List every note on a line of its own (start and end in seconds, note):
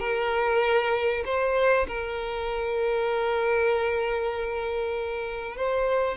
0.00 1.24 A#4
1.25 1.87 C5
1.88 5.57 A#4
5.57 6.17 C5